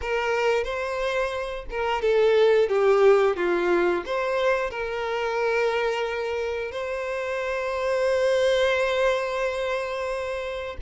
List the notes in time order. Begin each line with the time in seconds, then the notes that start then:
0.01 A#4
0.64 C5
1.70 A#4
2.01 A4
2.68 G4
3.36 F4
4.05 C5
4.70 A#4
6.71 C5